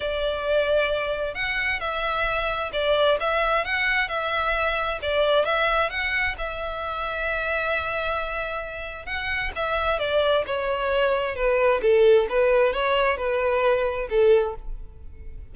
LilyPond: \new Staff \with { instrumentName = "violin" } { \time 4/4 \tempo 4 = 132 d''2. fis''4 | e''2 d''4 e''4 | fis''4 e''2 d''4 | e''4 fis''4 e''2~ |
e''1 | fis''4 e''4 d''4 cis''4~ | cis''4 b'4 a'4 b'4 | cis''4 b'2 a'4 | }